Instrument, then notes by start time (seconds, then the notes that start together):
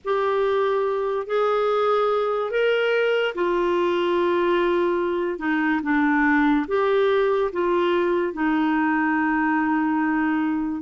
clarinet
0.04 G4
1.27 G#4
2.50 A#4
3.34 F4
5.39 D#4
5.83 D4
6.67 G4
7.52 F4
8.33 D#4